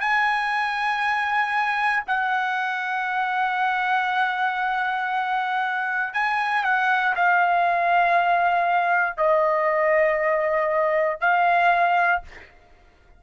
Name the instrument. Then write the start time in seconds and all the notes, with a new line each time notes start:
trumpet
0.00 G#5
2.07 F#5
6.13 G#5
6.64 F#5
7.16 F5
9.18 D#5
11.20 F5